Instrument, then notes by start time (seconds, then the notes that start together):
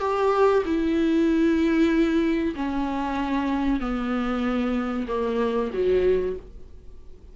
viola
0.00 G4
0.65 E4
2.56 C#4
3.80 B3
5.08 A#3
5.73 F#3